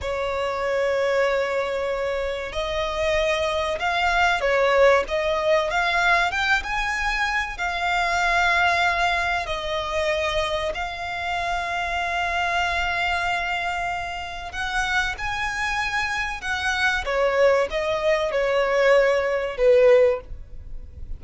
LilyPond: \new Staff \with { instrumentName = "violin" } { \time 4/4 \tempo 4 = 95 cis''1 | dis''2 f''4 cis''4 | dis''4 f''4 g''8 gis''4. | f''2. dis''4~ |
dis''4 f''2.~ | f''2. fis''4 | gis''2 fis''4 cis''4 | dis''4 cis''2 b'4 | }